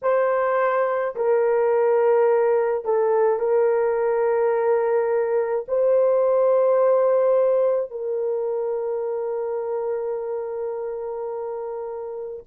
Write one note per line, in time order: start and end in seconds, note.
0.02 1.15 C5
1.15 2.85 A#4
2.85 3.39 A4
3.39 5.65 A#4
5.68 7.90 C5
7.90 12.43 A#4